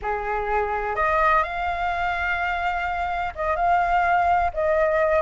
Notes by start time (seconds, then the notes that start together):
0.02 G#4
0.95 D#5
1.43 F5
3.35 D#5
3.56 F5
4.53 D#5